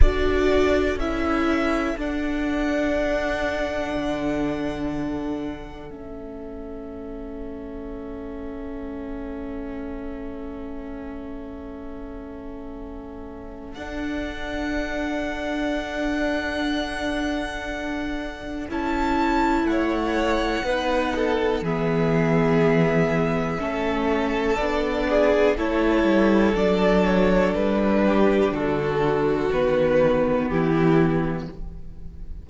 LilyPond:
<<
  \new Staff \with { instrumentName = "violin" } { \time 4/4 \tempo 4 = 61 d''4 e''4 fis''2~ | fis''2 e''2~ | e''1~ | e''2 fis''2~ |
fis''2. a''4 | fis''2 e''2~ | e''4 d''4 cis''4 d''8 cis''8 | b'4 a'4 b'4 g'4 | }
  \new Staff \with { instrumentName = "violin" } { \time 4/4 a'1~ | a'1~ | a'1~ | a'1~ |
a'1 | cis''4 b'8 a'8 gis'2 | a'4. gis'8 a'2~ | a'8 g'8 fis'2 e'4 | }
  \new Staff \with { instrumentName = "viola" } { \time 4/4 fis'4 e'4 d'2~ | d'2 cis'2~ | cis'1~ | cis'2 d'2~ |
d'2. e'4~ | e'4 dis'4 b2 | cis'4 d'4 e'4 d'4~ | d'2 b2 | }
  \new Staff \with { instrumentName = "cello" } { \time 4/4 d'4 cis'4 d'2 | d2 a2~ | a1~ | a2 d'2~ |
d'2. cis'4 | a4 b4 e2 | a4 b4 a8 g8 fis4 | g4 d4 dis4 e4 | }
>>